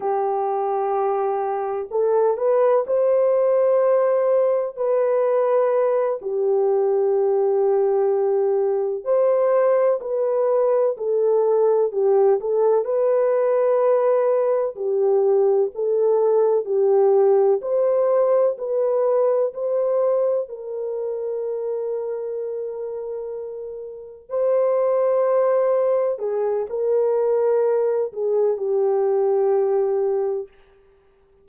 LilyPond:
\new Staff \with { instrumentName = "horn" } { \time 4/4 \tempo 4 = 63 g'2 a'8 b'8 c''4~ | c''4 b'4. g'4.~ | g'4. c''4 b'4 a'8~ | a'8 g'8 a'8 b'2 g'8~ |
g'8 a'4 g'4 c''4 b'8~ | b'8 c''4 ais'2~ ais'8~ | ais'4. c''2 gis'8 | ais'4. gis'8 g'2 | }